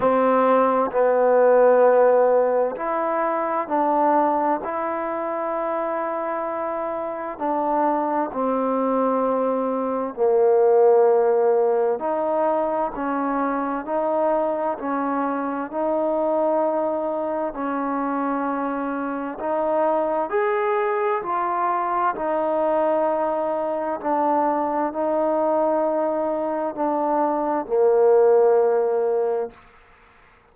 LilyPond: \new Staff \with { instrumentName = "trombone" } { \time 4/4 \tempo 4 = 65 c'4 b2 e'4 | d'4 e'2. | d'4 c'2 ais4~ | ais4 dis'4 cis'4 dis'4 |
cis'4 dis'2 cis'4~ | cis'4 dis'4 gis'4 f'4 | dis'2 d'4 dis'4~ | dis'4 d'4 ais2 | }